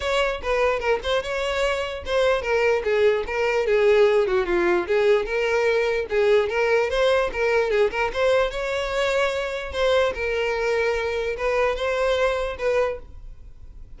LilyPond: \new Staff \with { instrumentName = "violin" } { \time 4/4 \tempo 4 = 148 cis''4 b'4 ais'8 c''8 cis''4~ | cis''4 c''4 ais'4 gis'4 | ais'4 gis'4. fis'8 f'4 | gis'4 ais'2 gis'4 |
ais'4 c''4 ais'4 gis'8 ais'8 | c''4 cis''2. | c''4 ais'2. | b'4 c''2 b'4 | }